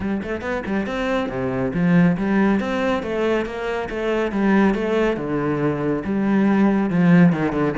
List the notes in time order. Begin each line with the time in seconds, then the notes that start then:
0.00 G3
0.22 A3
0.41 B3
0.66 G3
0.86 C4
1.29 C3
1.73 F3
2.17 G3
2.60 C4
3.02 A3
3.45 A#3
3.89 A3
4.31 G3
4.74 A3
5.17 D3
6.05 G3
6.89 F3
7.32 D#3
7.52 D3